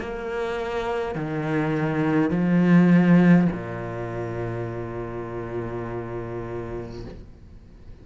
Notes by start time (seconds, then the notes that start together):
0.00 A#3
1.16 D#3
2.30 F3
3.52 A#2